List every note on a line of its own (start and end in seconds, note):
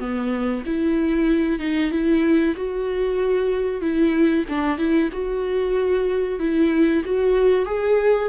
0.00 0.64 B3
0.67 1.60 E4
1.60 1.91 D#4
1.91 2.55 E4
2.56 3.82 F#4
3.82 4.45 E4
4.49 4.78 D4
4.78 5.10 E4
5.13 6.40 F#4
6.40 7.04 E4
7.05 7.66 F#4
7.66 8.29 G#4